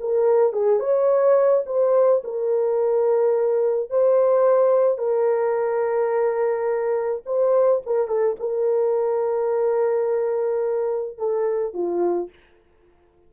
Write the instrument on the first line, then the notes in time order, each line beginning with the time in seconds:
horn
0.00 A#4
0.53 G#4
0.80 C#5
1.66 C5
2.24 A#4
3.90 C5
4.98 A#4
7.26 C5
7.86 A#4
8.08 A4
8.40 A#4
11.18 A4
11.73 F4